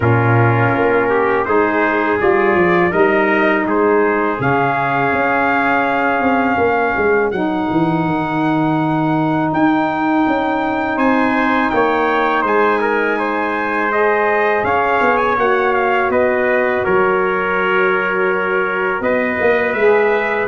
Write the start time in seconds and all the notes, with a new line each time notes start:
0.00 A#2 C#4 F4 A#4
0.74 A#3
1.09 G4
1.44 G#3 D#4 G#4 C5
2.18 G3 F4 D5
2.55 F3
2.90 G3 D#4 A#4 D#5
3.65 G#3 G#4 C5
4.38 C#3 C#4 F5
5.12 C#4
6.20 C4
6.57 A#3 A#4
6.96 G#3
7.31 F#3 D#4 F#5
7.70 E3
8.05 D#3
9.53 D#4 G5
10.27 C#4
10.96 C4 C5 G#5
11.70 A#3 C#5 G5
12.42 G#3 C5 G#5
12.81 A#4
13.18 C5
13.90 G#4 D#5
14.63 C#4 C#5 F5
15.00 B3
15.17 G#5
15.36 A#3 F#4 F#5
15.74 F5
16.09 B3 B4 D#5
16.84 F#3 A#4 C#5
19.00 B3 B4 D#5
19.40 A#3
19.72 G#3 G#4 E5